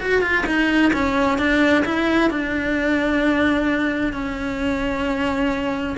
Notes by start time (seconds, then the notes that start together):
0.00 F#4
0.22 F4
0.46 D#4
0.93 C#4
1.38 D4
1.85 E4
2.31 D4
4.13 C#4